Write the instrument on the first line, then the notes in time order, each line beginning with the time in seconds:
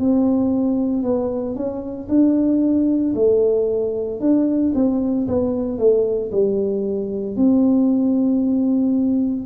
tuba
0.00 C4
1.03 B3
1.56 C#4
2.09 D4
3.15 A3
4.21 D4
4.75 C4
5.28 B3
5.78 A3
6.32 G3
7.36 C4